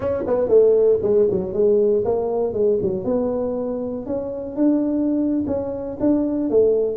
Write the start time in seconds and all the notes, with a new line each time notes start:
0.00 C#4
0.26 B3
0.48 A3
1.02 G#3
1.30 F#3
1.53 G#3
2.05 A#3
2.53 G#3
2.82 F#3
3.04 B3
4.05 C#4
4.56 D4
5.47 C#4
6.00 D4
6.50 A3